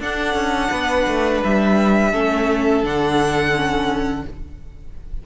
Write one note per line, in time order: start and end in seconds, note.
0.00 0.34 D4
0.00 2.13 D4
0.00 0.70 A4
0.00 1.44 F#5
0.34 0.70 C#4
0.70 1.07 B3
0.70 2.11 B4
1.07 1.43 A3
1.44 2.13 G3
1.44 2.85 E5
2.11 2.83 A3
2.11 2.84 C#4
2.11 4.23 A4
2.83 4.25 D3
2.83 3.54 D4
2.83 4.26 F#5
3.55 4.26 C#4